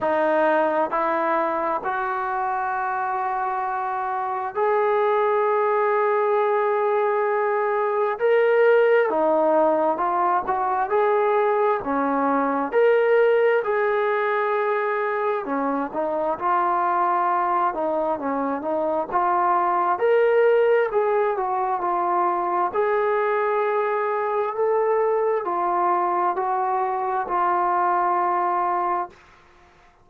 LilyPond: \new Staff \with { instrumentName = "trombone" } { \time 4/4 \tempo 4 = 66 dis'4 e'4 fis'2~ | fis'4 gis'2.~ | gis'4 ais'4 dis'4 f'8 fis'8 | gis'4 cis'4 ais'4 gis'4~ |
gis'4 cis'8 dis'8 f'4. dis'8 | cis'8 dis'8 f'4 ais'4 gis'8 fis'8 | f'4 gis'2 a'4 | f'4 fis'4 f'2 | }